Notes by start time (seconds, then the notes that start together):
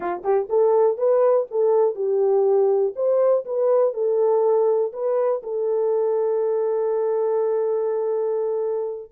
0.00 F4
0.23 G4
0.49 A4
0.97 B4
1.50 A4
1.95 G4
2.95 C5
3.45 B4
3.93 A4
4.92 B4
5.42 A4